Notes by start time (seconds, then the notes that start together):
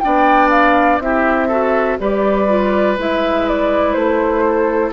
0.00 B3 D4 D5 G5
0.50 F5
0.99 C4 E4 G4 E5
1.48 F#4 A4
1.99 G3 G4 B4 D5
2.48 F4
2.98 G#3 E4 E5
3.49 D5
3.93 A3 C5
4.46 A4